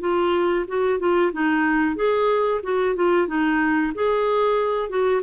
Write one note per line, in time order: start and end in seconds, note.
0.00 0.65 F4
0.68 0.99 F#4
0.99 1.32 F4
1.33 1.96 D#4
1.96 2.61 G#4
2.63 2.95 F#4
2.95 3.27 F4
3.27 3.92 D#4
3.95 4.89 G#4
4.89 5.22 F#4